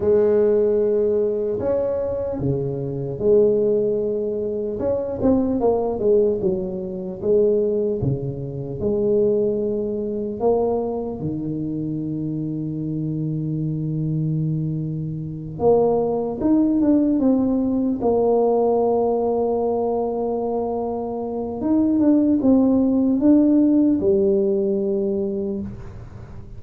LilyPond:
\new Staff \with { instrumentName = "tuba" } { \time 4/4 \tempo 4 = 75 gis2 cis'4 cis4 | gis2 cis'8 c'8 ais8 gis8 | fis4 gis4 cis4 gis4~ | gis4 ais4 dis2~ |
dis2.~ dis8 ais8~ | ais8 dis'8 d'8 c'4 ais4.~ | ais2. dis'8 d'8 | c'4 d'4 g2 | }